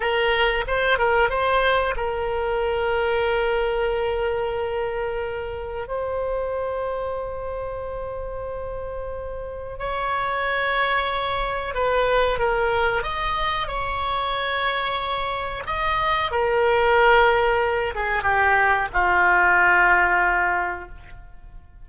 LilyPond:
\new Staff \with { instrumentName = "oboe" } { \time 4/4 \tempo 4 = 92 ais'4 c''8 ais'8 c''4 ais'4~ | ais'1~ | ais'4 c''2.~ | c''2. cis''4~ |
cis''2 b'4 ais'4 | dis''4 cis''2. | dis''4 ais'2~ ais'8 gis'8 | g'4 f'2. | }